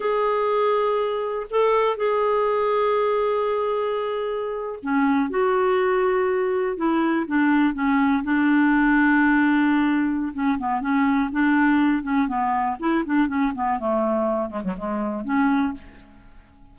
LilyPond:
\new Staff \with { instrumentName = "clarinet" } { \time 4/4 \tempo 4 = 122 gis'2. a'4 | gis'1~ | gis'4.~ gis'16 cis'4 fis'4~ fis'16~ | fis'4.~ fis'16 e'4 d'4 cis'16~ |
cis'8. d'2.~ d'16~ | d'4 cis'8 b8 cis'4 d'4~ | d'8 cis'8 b4 e'8 d'8 cis'8 b8 | a4. gis16 fis16 gis4 cis'4 | }